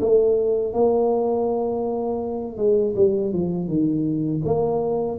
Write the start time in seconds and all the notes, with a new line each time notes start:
0.00 A3
0.73 A#3
2.57 G#3
2.95 G3
3.32 F3
3.67 D#3
4.44 A#3